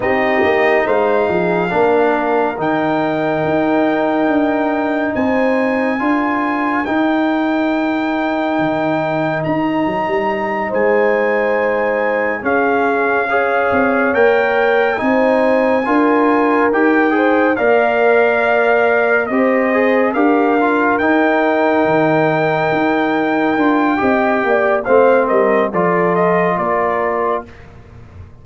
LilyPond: <<
  \new Staff \with { instrumentName = "trumpet" } { \time 4/4 \tempo 4 = 70 dis''4 f''2 g''4~ | g''2 gis''2 | g''2. ais''4~ | ais''8 gis''2 f''4.~ |
f''8 g''4 gis''2 g''8~ | g''8 f''2 dis''4 f''8~ | f''8 g''2.~ g''8~ | g''4 f''8 dis''8 d''8 dis''8 d''4 | }
  \new Staff \with { instrumentName = "horn" } { \time 4/4 g'4 c''8 gis'8 ais'2~ | ais'2 c''4 ais'4~ | ais'1~ | ais'8 c''2 gis'4 cis''8~ |
cis''4. c''4 ais'4. | c''8 d''2 c''4 ais'8~ | ais'1 | dis''8 d''8 c''8 ais'8 a'4 ais'4 | }
  \new Staff \with { instrumentName = "trombone" } { \time 4/4 dis'2 d'4 dis'4~ | dis'2. f'4 | dis'1~ | dis'2~ dis'8 cis'4 gis'8~ |
gis'8 ais'4 dis'4 f'4 g'8 | gis'8 ais'2 g'8 gis'8 g'8 | f'8 dis'2. f'8 | g'4 c'4 f'2 | }
  \new Staff \with { instrumentName = "tuba" } { \time 4/4 c'8 ais8 gis8 f8 ais4 dis4 | dis'4 d'4 c'4 d'4 | dis'2 dis4 dis'8 fis16 g16~ | g8 gis2 cis'4. |
c'8 ais4 c'4 d'4 dis'8~ | dis'8 ais2 c'4 d'8~ | d'8 dis'4 dis4 dis'4 d'8 | c'8 ais8 a8 g8 f4 ais4 | }
>>